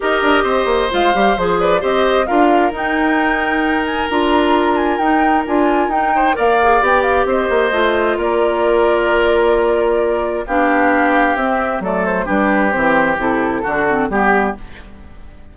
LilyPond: <<
  \new Staff \with { instrumentName = "flute" } { \time 4/4 \tempo 4 = 132 dis''2 f''4 c''8 d''8 | dis''4 f''4 g''2~ | g''8 gis''8 ais''4. gis''8 g''4 | gis''4 g''4 f''4 g''8 f''8 |
dis''2 d''2~ | d''2. f''4~ | f''4 e''4 d''8 c''8 b'4 | c''4 a'2 g'4 | }
  \new Staff \with { instrumentName = "oboe" } { \time 4/4 ais'4 c''2~ c''8 b'8 | c''4 ais'2.~ | ais'1~ | ais'4. c''8 d''2 |
c''2 ais'2~ | ais'2. g'4~ | g'2 a'4 g'4~ | g'2 fis'4 g'4 | }
  \new Staff \with { instrumentName = "clarinet" } { \time 4/4 g'2 f'8 g'8 gis'4 | g'4 f'4 dis'2~ | dis'4 f'2 dis'4 | f'4 dis'4 ais'8 gis'8 g'4~ |
g'4 f'2.~ | f'2. d'4~ | d'4 c'4 a4 d'4 | c'4 e'4 d'8 c'8 b4 | }
  \new Staff \with { instrumentName = "bassoon" } { \time 4/4 dis'8 d'8 c'8 ais8 gis8 g8 f4 | c'4 d'4 dis'2~ | dis'4 d'2 dis'4 | d'4 dis'4 ais4 b4 |
c'8 ais8 a4 ais2~ | ais2. b4~ | b4 c'4 fis4 g4 | e4 c4 d4 g4 | }
>>